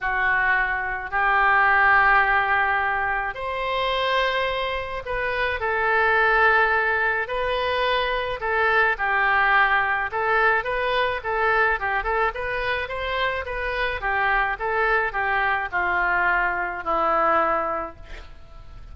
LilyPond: \new Staff \with { instrumentName = "oboe" } { \time 4/4 \tempo 4 = 107 fis'2 g'2~ | g'2 c''2~ | c''4 b'4 a'2~ | a'4 b'2 a'4 |
g'2 a'4 b'4 | a'4 g'8 a'8 b'4 c''4 | b'4 g'4 a'4 g'4 | f'2 e'2 | }